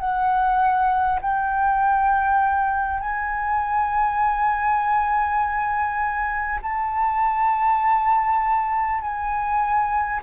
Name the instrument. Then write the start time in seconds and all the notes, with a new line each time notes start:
flute
0.00 F#5
1.22 G5
3.00 G#5
6.63 A5
9.01 G#5